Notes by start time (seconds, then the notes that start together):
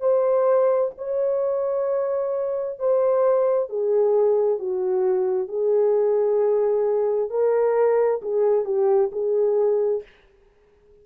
0.00 C5
0.98 C#5
2.79 C5
3.69 G#4
4.59 F#4
5.48 G#4
7.30 A#4
8.22 G#4
8.64 G4
9.12 G#4